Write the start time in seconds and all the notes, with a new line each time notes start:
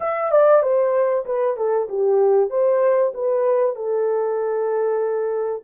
0.00 E5
0.31 D5
0.62 C5
1.25 B4
1.57 A4
1.88 G4
2.50 C5
3.14 B4
3.75 A4